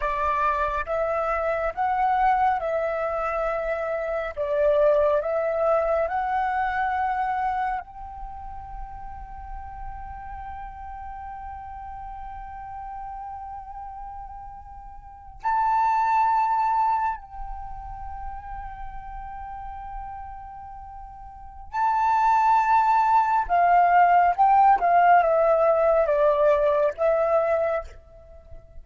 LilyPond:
\new Staff \with { instrumentName = "flute" } { \time 4/4 \tempo 4 = 69 d''4 e''4 fis''4 e''4~ | e''4 d''4 e''4 fis''4~ | fis''4 g''2.~ | g''1~ |
g''4.~ g''16 a''2 g''16~ | g''1~ | g''4 a''2 f''4 | g''8 f''8 e''4 d''4 e''4 | }